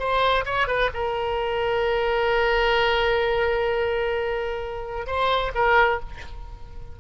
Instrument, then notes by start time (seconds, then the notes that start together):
oboe
0.00 C5
0.46 C#5
0.68 B4
0.94 A#4
5.07 C5
5.55 A#4